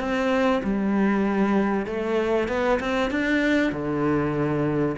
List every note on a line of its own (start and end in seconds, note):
0.00 0.62 C4
0.64 1.87 G3
1.87 2.49 A3
2.49 2.80 B3
2.80 3.11 C4
3.11 3.73 D4
3.73 4.96 D3